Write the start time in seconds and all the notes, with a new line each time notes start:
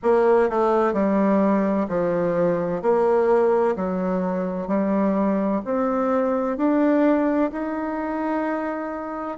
0.03 A#3
0.49 A3
0.93 G3
1.88 F3
2.81 A#3
3.75 F#3
4.67 G3
5.64 C4
6.57 D4
7.52 D#4